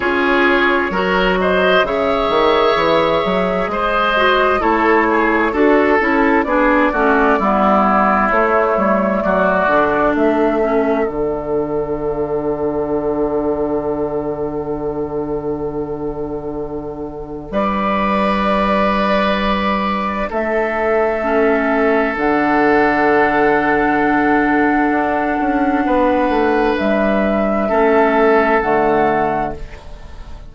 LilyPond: <<
  \new Staff \with { instrumentName = "flute" } { \time 4/4 \tempo 4 = 65 cis''4. dis''8 e''2 | dis''4 cis''4 a'4 d''4~ | d''4 cis''4 d''4 e''4 | fis''1~ |
fis''2. d''4~ | d''2 e''2 | fis''1~ | fis''4 e''2 fis''4 | }
  \new Staff \with { instrumentName = "oboe" } { \time 4/4 gis'4 ais'8 c''8 cis''2 | c''4 a'8 gis'8 a'4 gis'8 fis'8 | e'2 fis'4 a'4~ | a'1~ |
a'2. b'4~ | b'2 a'2~ | a'1 | b'2 a'2 | }
  \new Staff \with { instrumentName = "clarinet" } { \time 4/4 f'4 fis'4 gis'2~ | gis'8 fis'8 e'4 fis'8 e'8 d'8 cis'8 | b4 a4. d'4 cis'8 | d'1~ |
d'1~ | d'2. cis'4 | d'1~ | d'2 cis'4 a4 | }
  \new Staff \with { instrumentName = "bassoon" } { \time 4/4 cis'4 fis4 cis8 dis8 e8 fis8 | gis4 a4 d'8 cis'8 b8 a8 | g4 a8 g8 fis8 d8 a4 | d1~ |
d2. g4~ | g2 a2 | d2. d'8 cis'8 | b8 a8 g4 a4 d4 | }
>>